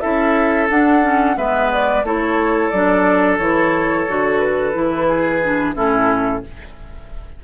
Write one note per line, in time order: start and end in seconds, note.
0.00 0.70 C#4
0.00 0.68 E4
0.00 1.36 A4
0.00 0.67 E5
0.70 1.37 D4
0.70 1.02 D4
0.70 1.37 F#5
1.02 1.36 C#4
1.37 2.03 G#3
1.37 2.04 B3
1.37 2.05 B4
1.37 1.71 E5
1.72 2.06 D5
2.03 2.70 A3
2.03 2.72 E4
2.03 5.08 A4
2.03 2.70 C#5
2.70 3.39 F#3
2.70 3.40 D4
2.70 3.37 D5
3.38 4.06 E3
3.38 4.08 E4
3.38 4.39 C#5
4.08 4.75 D3
4.08 4.73 F#4
4.39 5.74 B4
4.73 5.76 E3
4.73 5.40 E4
5.08 5.75 G#4
5.44 5.75 D4
5.75 6.43 A2
5.75 6.42 C#4
5.75 6.42 E4
5.75 6.44 A4